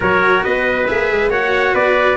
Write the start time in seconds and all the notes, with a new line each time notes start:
0.00 F#3 F#4 A#4 C#5
0.43 B3 B4 D#5
0.86 A#3 G#4 E5
1.10 G#3
1.30 A#3 F#4 C#5 F#5
1.73 B3 B4 D5